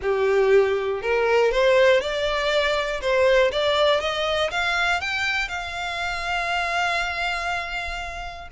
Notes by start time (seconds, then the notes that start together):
0.02 G4
1.01 A#4
1.51 C5
2.00 D5
3.01 C5
3.51 D5
4.00 D#5
4.50 F5
5.00 G5
5.48 F5